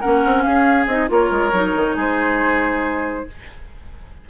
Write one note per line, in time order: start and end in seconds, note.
0.00 0.25 A#3
0.00 0.89 C#4
0.00 0.43 A#4
0.00 0.42 F#5
0.25 0.46 C4
0.42 0.87 C#4
0.42 1.10 G#4
0.42 0.86 F5
0.87 1.08 C4
0.87 1.08 D#4
0.87 1.09 D#5
1.08 1.30 A#3
1.08 1.51 F4
1.08 1.96 A#4
1.08 1.98 C#5
1.30 1.52 G#3
1.52 1.74 F#3
1.52 3.27 D#4
1.76 1.96 D#3
1.96 3.26 G#3
1.96 3.25 G#4
1.96 3.29 C5